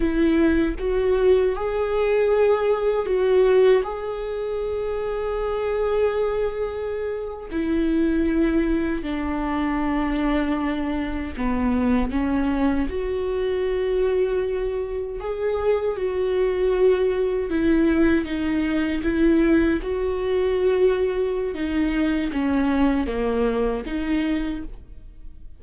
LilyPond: \new Staff \with { instrumentName = "viola" } { \time 4/4 \tempo 4 = 78 e'4 fis'4 gis'2 | fis'4 gis'2.~ | gis'4.~ gis'16 e'2 d'16~ | d'2~ d'8. b4 cis'16~ |
cis'8. fis'2. gis'16~ | gis'8. fis'2 e'4 dis'16~ | dis'8. e'4 fis'2~ fis'16 | dis'4 cis'4 ais4 dis'4 | }